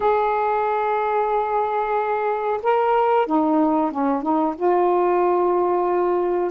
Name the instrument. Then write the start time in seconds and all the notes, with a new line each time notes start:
saxophone
0.00 G#4
2.63 A#4
3.26 D#4
3.91 C#4
4.22 D#4
4.56 F4